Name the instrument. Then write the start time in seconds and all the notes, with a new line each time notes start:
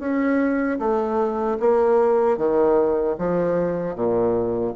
bassoon
0.00 C#4
0.79 A3
1.60 A#3
2.38 D#3
3.19 F3
3.96 A#2